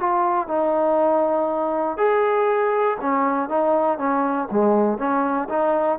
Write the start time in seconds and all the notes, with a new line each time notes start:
0.00 F4
0.48 D#4
1.98 G#4
3.01 C#4
3.49 D#4
3.99 C#4
4.51 G#3
4.99 C#4
5.50 D#4